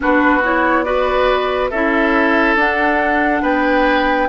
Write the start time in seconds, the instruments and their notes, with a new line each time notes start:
0.00 bassoon B3, clarinet D4, oboe F#4, flute B4
0.43 clarinet E4, flute C#5
0.83 clarinet F#4, oboe B4, flute D5
1.70 bassoon C#4, clarinet E4, oboe A4, flute E5
2.55 bassoon D4, clarinet D4, flute F#5
3.41 bassoon B3, oboe B4, flute G5